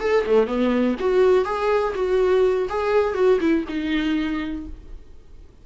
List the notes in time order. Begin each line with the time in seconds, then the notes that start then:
0.00 A4
0.26 A3
0.47 B3
1.00 F#4
1.45 G#4
1.95 F#4
2.69 G#4
3.15 F#4
3.40 E4
3.69 D#4